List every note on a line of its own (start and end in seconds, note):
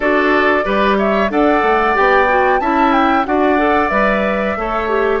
0.00 0.63 D4
0.00 0.63 F#4
0.00 0.64 A4
0.00 0.97 D5
0.63 1.30 G3
0.63 1.28 G4
0.63 0.97 B4
0.98 1.31 C#5
0.98 1.30 E5
1.29 1.62 D4
1.29 1.94 A4
1.29 2.61 D5
1.29 1.96 F#5
1.62 1.95 A3
1.94 2.60 B3
1.94 2.26 G4
1.94 2.60 G5
2.27 2.60 F#4
2.60 3.25 C#4
2.60 3.25 E4
2.60 3.26 E5
2.60 2.92 A5
2.92 3.24 G5
3.25 3.90 D4
3.25 3.57 F#4
3.25 4.58 D5
3.25 3.88 F#5
3.57 3.90 A4
3.88 4.56 G3
3.88 4.55 B4
3.88 5.19 E5
4.56 5.20 A3
4.56 4.88 A4
4.56 5.20 C#5
4.88 5.20 G4